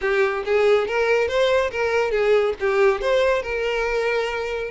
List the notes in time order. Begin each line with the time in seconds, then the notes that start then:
0.01 G4
0.45 G#4
0.87 A#4
1.28 C5
1.71 A#4
2.11 G#4
2.59 G4
3.01 C5
3.42 A#4